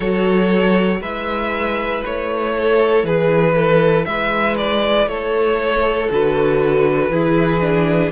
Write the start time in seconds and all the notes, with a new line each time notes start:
0.00 F#3 F#4 A4 C#5
1.00 G#3 E4 B4 E5
2.05 A3 C#5
2.57 A4
3.03 E3 G#4 B4
3.55 A4
4.05 G#3 B4 E5
4.57 D5
5.06 A3 A4 C#5
6.10 D3 F#4 B4
7.09 E3 E4 G#4
7.60 D4